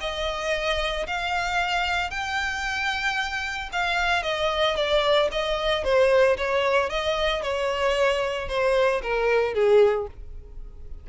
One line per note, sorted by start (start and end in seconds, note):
0.00 1.06 D#5
1.06 2.10 F5
2.10 3.69 G5
3.72 4.22 F5
4.22 4.75 D#5
4.75 5.29 D5
5.31 5.84 D#5
5.84 6.37 C5
6.37 6.89 C#5
6.89 7.42 D#5
7.42 8.48 C#5
8.48 9.01 C5
9.02 9.54 A#4
9.54 10.07 G#4